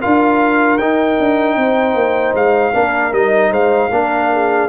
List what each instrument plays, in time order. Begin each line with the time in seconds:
0.00 tuba D4, trombone F4, horn A#4, trumpet F5
0.78 tuba D#4, trombone D#4, trumpet G5
1.19 tuba D4
1.56 tuba C4, horn C5
1.94 tuba A#3
2.34 tuba G#3, trumpet F5
2.73 tuba A#3, trombone D4, horn A#4
3.12 tuba G3, trombone D#4, trumpet D#5
3.51 tuba G#3, horn C5, trumpet F5
3.91 tuba A#3, trombone D4, horn A#4
4.33 horn G#4